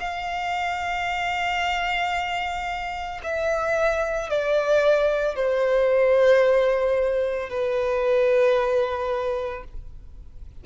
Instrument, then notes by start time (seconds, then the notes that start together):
violin
0.00 F5
3.23 E5
4.30 D5
5.36 C5
7.50 B4